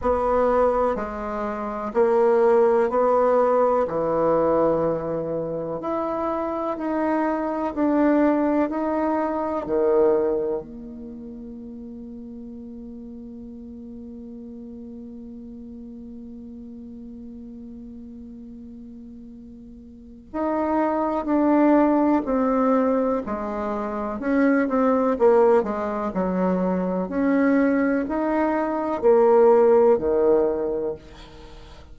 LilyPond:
\new Staff \with { instrumentName = "bassoon" } { \time 4/4 \tempo 4 = 62 b4 gis4 ais4 b4 | e2 e'4 dis'4 | d'4 dis'4 dis4 ais4~ | ais1~ |
ais1~ | ais4 dis'4 d'4 c'4 | gis4 cis'8 c'8 ais8 gis8 fis4 | cis'4 dis'4 ais4 dis4 | }